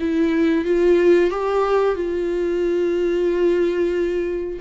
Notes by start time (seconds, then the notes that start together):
0.00 E4
0.65 F4
1.31 G4
1.95 F4